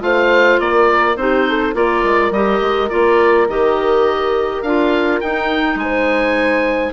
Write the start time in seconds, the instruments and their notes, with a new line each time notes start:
0.00 bassoon A3, clarinet F4, horn C5, oboe F5
0.60 bassoon A#3, horn A#4, oboe D5
1.16 bassoon C4, clarinet D#4, horn G4, oboe C5
1.49 horn A4
1.74 bassoon A#3, clarinet F4, horn A#4, oboe D5
2.04 bassoon G#3
2.30 bassoon G3, clarinet G4, oboe D#5
2.61 bassoon G#3
2.89 bassoon A#3, clarinet F4, oboe D5
3.48 bassoon D#3, clarinet G4, oboe D#5
4.62 bassoon D4, clarinet F4, oboe F5
5.21 bassoon D#4, clarinet D#4, oboe G5
5.75 bassoon G#3, oboe G#5
5.81 horn C5